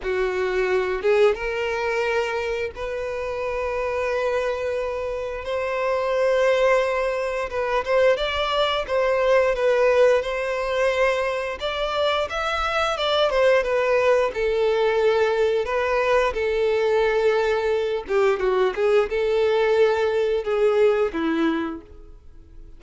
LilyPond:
\new Staff \with { instrumentName = "violin" } { \time 4/4 \tempo 4 = 88 fis'4. gis'8 ais'2 | b'1 | c''2. b'8 c''8 | d''4 c''4 b'4 c''4~ |
c''4 d''4 e''4 d''8 c''8 | b'4 a'2 b'4 | a'2~ a'8 g'8 fis'8 gis'8 | a'2 gis'4 e'4 | }